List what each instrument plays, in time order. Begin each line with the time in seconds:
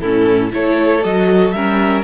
0.00 cello A2, viola C#4, violin E4 A4
0.51 cello A3, viola E4, violin A4 C#5
1.03 cello F#3, viola F#4, violin D#5
1.51 cello G3, viola C#4, violin A#4 E5